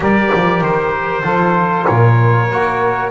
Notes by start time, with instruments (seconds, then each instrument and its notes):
0.00 double bass G3, trombone G4, saxophone A#4, trumpet D5
0.34 double bass F3
0.61 double bass D#3, trumpet C5
1.23 double bass F3, trombone F4, saxophone A4
1.87 double bass A#2, saxophone A#4, trumpet C#5
2.51 double bass A#3, trombone F#4